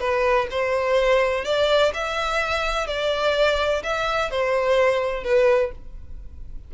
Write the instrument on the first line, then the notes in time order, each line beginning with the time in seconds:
violin
0.00 B4
0.51 C5
1.45 D5
1.94 E5
2.87 D5
3.83 E5
4.31 C5
5.24 B4